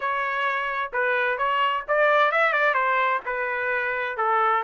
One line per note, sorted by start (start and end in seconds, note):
0.00 0.91 C#5
0.93 1.38 B4
1.38 1.84 C#5
1.88 2.31 D5
2.31 2.53 E5
2.53 2.74 D5
2.74 3.20 C5
3.25 4.17 B4
4.17 4.63 A4